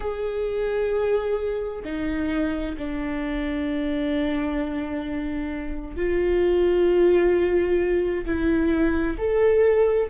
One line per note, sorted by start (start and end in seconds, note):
0.00 1.83 G#4
1.84 2.76 D#4
2.77 5.96 D4
5.96 8.25 F4
8.25 9.17 E4
9.17 10.09 A4